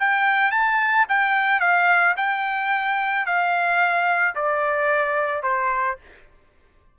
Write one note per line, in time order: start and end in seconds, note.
0.00 0.52 G5
0.52 1.06 A5
1.09 1.60 G5
1.60 2.15 F5
2.17 3.26 G5
3.26 4.35 F5
4.35 5.43 D5
5.43 5.98 C5